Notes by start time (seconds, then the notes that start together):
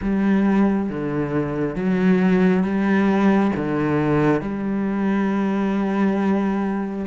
0.01 G3
0.89 D3
1.75 F#3
2.63 G3
3.56 D3
4.41 G3